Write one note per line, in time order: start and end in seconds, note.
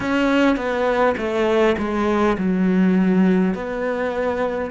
0.00 0.56 C#4
0.56 1.15 B3
1.17 1.76 A3
1.78 2.36 G#3
2.37 3.54 F#3
3.54 4.71 B3